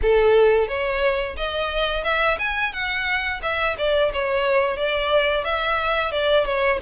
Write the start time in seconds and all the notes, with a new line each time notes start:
0.02 A4
0.68 C#5
1.36 D#5
2.04 E5
2.38 G#5
2.72 F#5
3.42 E5
3.77 D5
4.12 C#5
4.77 D5
5.44 E5
6.11 D5
6.45 C#5